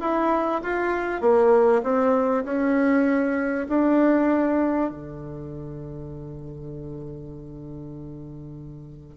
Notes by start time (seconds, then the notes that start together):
0.00 E4
0.62 F4
1.21 A#3
1.83 C4
2.44 C#4
3.68 D4
4.90 D3